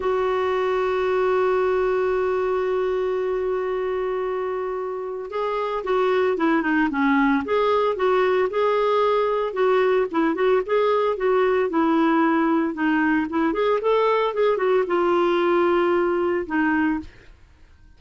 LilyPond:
\new Staff \with { instrumentName = "clarinet" } { \time 4/4 \tempo 4 = 113 fis'1~ | fis'1~ | fis'2 gis'4 fis'4 | e'8 dis'8 cis'4 gis'4 fis'4 |
gis'2 fis'4 e'8 fis'8 | gis'4 fis'4 e'2 | dis'4 e'8 gis'8 a'4 gis'8 fis'8 | f'2. dis'4 | }